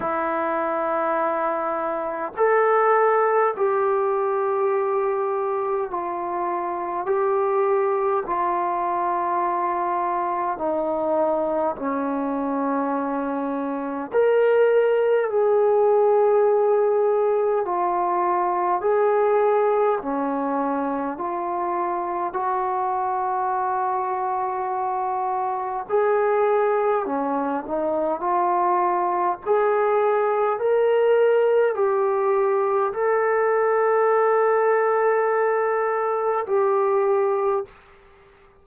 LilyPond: \new Staff \with { instrumentName = "trombone" } { \time 4/4 \tempo 4 = 51 e'2 a'4 g'4~ | g'4 f'4 g'4 f'4~ | f'4 dis'4 cis'2 | ais'4 gis'2 f'4 |
gis'4 cis'4 f'4 fis'4~ | fis'2 gis'4 cis'8 dis'8 | f'4 gis'4 ais'4 g'4 | a'2. g'4 | }